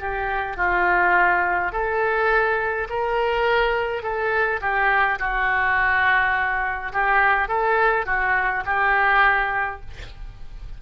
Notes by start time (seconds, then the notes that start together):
0.00 G4
0.57 F4
1.72 A4
2.90 A#4
4.03 A4
4.61 G4
5.19 F#4
6.93 G4
7.48 A4
8.06 F#4
8.65 G4